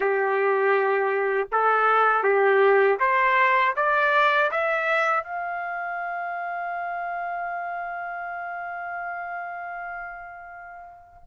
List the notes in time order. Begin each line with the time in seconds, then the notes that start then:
0.00 G4
1.51 A4
2.23 G4
2.99 C5
3.75 D5
4.51 E5
5.23 F5